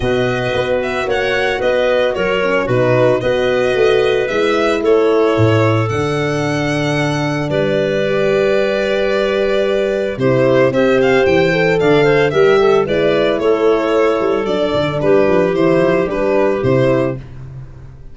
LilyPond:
<<
  \new Staff \with { instrumentName = "violin" } { \time 4/4 \tempo 4 = 112 dis''4. e''8 fis''4 dis''4 | cis''4 b'4 dis''2 | e''4 cis''2 fis''4~ | fis''2 d''2~ |
d''2. c''4 | e''8 f''8 g''4 f''4 e''4 | d''4 cis''2 d''4 | b'4 c''4 b'4 c''4 | }
  \new Staff \with { instrumentName = "clarinet" } { \time 4/4 b'2 cis''4 b'4 | ais'4 fis'4 b'2~ | b'4 a'2.~ | a'2 b'2~ |
b'2. g'4 | c''2 d''8 c''8 ais'8 a'8 | b'4 a'2. | g'1 | }
  \new Staff \with { instrumentName = "horn" } { \time 4/4 fis'1~ | fis'8 cis'8 dis'4 fis'2 | e'2. d'4~ | d'2. g'4~ |
g'2. e'4 | g'4. a'4. g'4 | e'2. d'4~ | d'4 e'4 d'4 e'4 | }
  \new Staff \with { instrumentName = "tuba" } { \time 4/4 b,4 b4 ais4 b4 | fis4 b,4 b4 a4 | gis4 a4 a,4 d4~ | d2 g2~ |
g2. c4 | c'4 e4 d4 g4 | gis4 a4. g8 fis8 d8 | g8 f8 e8 f8 g4 c4 | }
>>